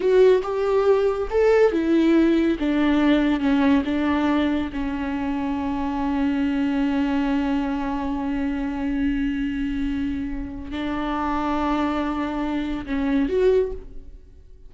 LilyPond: \new Staff \with { instrumentName = "viola" } { \time 4/4 \tempo 4 = 140 fis'4 g'2 a'4 | e'2 d'2 | cis'4 d'2 cis'4~ | cis'1~ |
cis'1~ | cis'1~ | cis'4 d'2.~ | d'2 cis'4 fis'4 | }